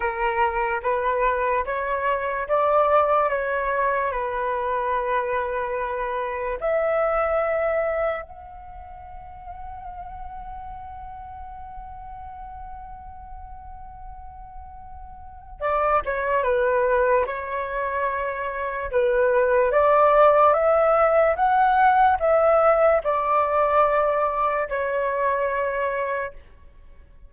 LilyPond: \new Staff \with { instrumentName = "flute" } { \time 4/4 \tempo 4 = 73 ais'4 b'4 cis''4 d''4 | cis''4 b'2. | e''2 fis''2~ | fis''1~ |
fis''2. d''8 cis''8 | b'4 cis''2 b'4 | d''4 e''4 fis''4 e''4 | d''2 cis''2 | }